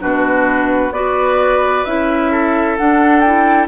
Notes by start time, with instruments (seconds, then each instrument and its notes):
0.00 bassoon B2, clarinet D4, oboe F#4, flute B4
0.91 bassoon B3, clarinet F#4, oboe B4, flute D5
1.85 bassoon C#4, clarinet E4, flute E5
2.31 oboe A4
2.78 clarinet D4, bassoon D4, flute F#5
3.20 clarinet E4, flute G5